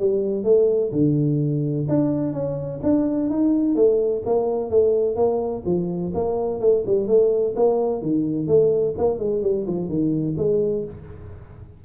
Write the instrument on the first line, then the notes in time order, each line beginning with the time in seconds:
tuba
0.00 G3
0.44 A3
0.93 D3
1.89 D4
2.33 C#4
2.84 D4
3.30 D#4
3.76 A3
4.26 A#3
4.71 A3
5.16 A#3
5.66 F3
6.15 A#3
6.61 A3
6.87 G3
7.08 A3
7.57 A#3
8.02 D#3
8.48 A3
8.98 A#3
9.19 G#3
9.43 G3
9.68 F3
9.89 D#3
10.38 G#3